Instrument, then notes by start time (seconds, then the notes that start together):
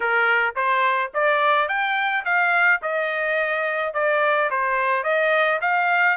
trumpet
0.00 A#4
0.55 C5
1.14 D5
1.68 G5
2.24 F5
2.82 D#5
3.93 D5
4.50 C5
5.03 D#5
5.61 F5